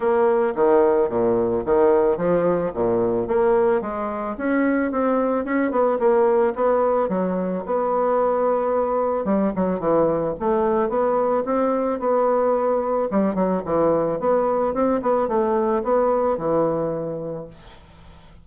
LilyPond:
\new Staff \with { instrumentName = "bassoon" } { \time 4/4 \tempo 4 = 110 ais4 dis4 ais,4 dis4 | f4 ais,4 ais4 gis4 | cis'4 c'4 cis'8 b8 ais4 | b4 fis4 b2~ |
b4 g8 fis8 e4 a4 | b4 c'4 b2 | g8 fis8 e4 b4 c'8 b8 | a4 b4 e2 | }